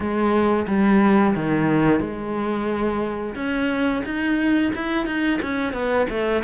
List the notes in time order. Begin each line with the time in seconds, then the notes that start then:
0.00 G#3
0.67 G3
1.35 D#3
1.99 G#3
3.35 C#4
4.05 D#4
4.74 E4
5.06 D#4
5.41 C#4
5.73 B3
6.09 A3